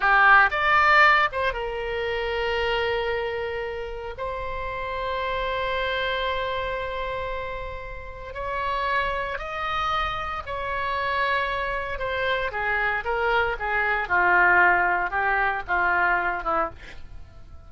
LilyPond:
\new Staff \with { instrumentName = "oboe" } { \time 4/4 \tempo 4 = 115 g'4 d''4. c''8 ais'4~ | ais'1 | c''1~ | c''1 |
cis''2 dis''2 | cis''2. c''4 | gis'4 ais'4 gis'4 f'4~ | f'4 g'4 f'4. e'8 | }